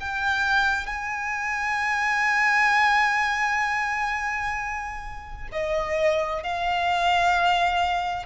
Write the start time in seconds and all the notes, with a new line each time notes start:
0.00 G5
0.86 G#5
5.52 D#5
6.43 F5